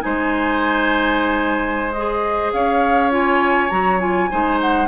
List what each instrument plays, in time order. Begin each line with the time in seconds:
0.00 bassoon G#3, clarinet D#4, oboe C5, flute G#5
1.93 clarinet G#4, flute D#5
2.53 bassoon C#4, oboe C#5, flute F5
3.11 clarinet F4, flute G#5
3.70 bassoon F#3, clarinet F#4, flute A#5
4.00 clarinet F4, flute G#5
4.30 bassoon G#3, clarinet D#4, oboe C5
4.61 flute F#5